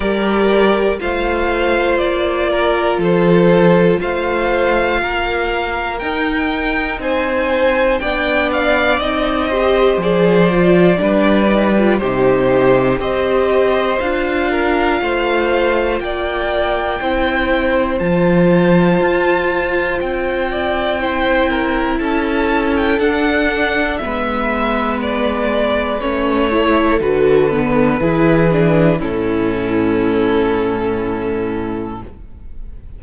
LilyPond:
<<
  \new Staff \with { instrumentName = "violin" } { \time 4/4 \tempo 4 = 60 d''4 f''4 d''4 c''4 | f''2 g''4 gis''4 | g''8 f''8 dis''4 d''2 | c''4 dis''4 f''2 |
g''2 a''2 | g''2 a''8. g''16 fis''4 | e''4 d''4 cis''4 b'4~ | b'4 a'2. | }
  \new Staff \with { instrumentName = "violin" } { \time 4/4 ais'4 c''4. ais'8 a'4 | c''4 ais'2 c''4 | d''4. c''4. b'4 | g'4 c''4. ais'8 c''4 |
d''4 c''2.~ | c''8 d''8 c''8 ais'8 a'2 | b'2~ b'8 a'4. | gis'4 e'2. | }
  \new Staff \with { instrumentName = "viola" } { \time 4/4 g'4 f'2.~ | f'2 dis'2 | d'4 dis'8 g'8 gis'8 f'8 d'8 dis'16 f'16 | dis'4 g'4 f'2~ |
f'4 e'4 f'2~ | f'4 e'2 d'4 | b2 cis'8 e'8 fis'8 b8 | e'8 d'8 cis'2. | }
  \new Staff \with { instrumentName = "cello" } { \time 4/4 g4 a4 ais4 f4 | a4 ais4 dis'4 c'4 | b4 c'4 f4 g4 | c4 c'4 d'4 a4 |
ais4 c'4 f4 f'4 | c'2 cis'4 d'4 | gis2 a4 d4 | e4 a,2. | }
>>